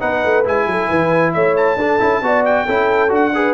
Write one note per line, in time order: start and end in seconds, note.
0.00 0.25 B3
0.00 0.44 D#4
0.00 0.67 B4
0.00 0.45 F#5
0.25 0.46 A3
0.45 0.66 G#3
0.45 1.79 E4
0.45 1.33 G#5
0.66 0.89 F#3
0.66 0.89 A4
0.89 1.35 E3
0.89 1.33 B4
1.33 1.76 A3
1.33 1.79 C#5
1.33 1.56 E5
1.57 2.45 A5
1.76 1.99 D4
1.76 2.00 D4
1.76 2.23 A4
2.00 2.22 C#4
2.00 2.22 E4
2.22 2.66 B3
2.22 2.68 F#4
2.22 2.66 D5
2.45 3.12 G5
2.66 3.11 C#4
2.66 3.09 E4
2.66 3.32 A4
3.09 3.54 D4
3.09 3.31 F#4
3.09 3.54 F#5
3.35 3.54 G#4
3.35 3.54 B4